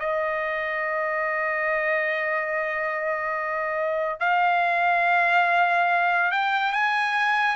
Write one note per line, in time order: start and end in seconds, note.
0.00 4.21 D#5
4.21 6.32 F5
6.32 6.73 G5
6.73 7.56 G#5